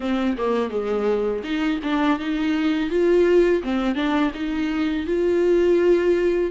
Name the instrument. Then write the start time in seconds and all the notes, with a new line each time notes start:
viola
0.00 C4
0.37 A#3
0.70 G#3
1.43 D#4
1.83 D4
2.19 D#4
2.89 F4
3.63 C4
3.95 D4
4.34 D#4
5.06 F4